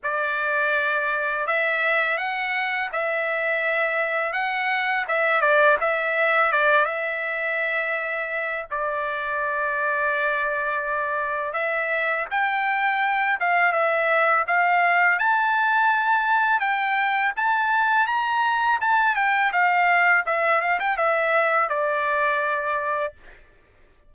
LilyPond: \new Staff \with { instrumentName = "trumpet" } { \time 4/4 \tempo 4 = 83 d''2 e''4 fis''4 | e''2 fis''4 e''8 d''8 | e''4 d''8 e''2~ e''8 | d''1 |
e''4 g''4. f''8 e''4 | f''4 a''2 g''4 | a''4 ais''4 a''8 g''8 f''4 | e''8 f''16 g''16 e''4 d''2 | }